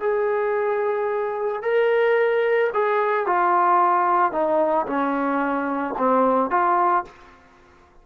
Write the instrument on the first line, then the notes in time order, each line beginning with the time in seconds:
trombone
0.00 G#4
1.62 A#4
2.73 G#4
3.26 F4
4.32 D#4
4.86 C#4
5.98 C4
6.50 F4